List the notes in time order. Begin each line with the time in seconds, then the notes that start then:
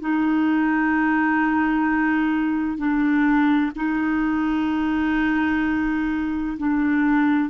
0.00 D#4
2.77 D4
3.76 D#4
6.58 D4